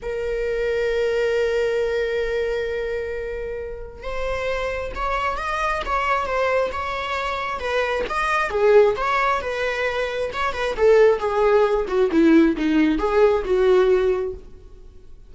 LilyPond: \new Staff \with { instrumentName = "viola" } { \time 4/4 \tempo 4 = 134 ais'1~ | ais'1~ | ais'4 c''2 cis''4 | dis''4 cis''4 c''4 cis''4~ |
cis''4 b'4 dis''4 gis'4 | cis''4 b'2 cis''8 b'8 | a'4 gis'4. fis'8 e'4 | dis'4 gis'4 fis'2 | }